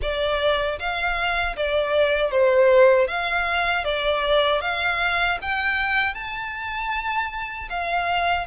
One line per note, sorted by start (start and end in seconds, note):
0.02 0.79 D5
0.79 1.56 F5
1.56 2.31 D5
2.31 3.07 C5
3.07 3.84 F5
3.84 4.61 D5
4.61 5.38 F5
5.41 6.14 G5
6.14 7.68 A5
7.69 8.46 F5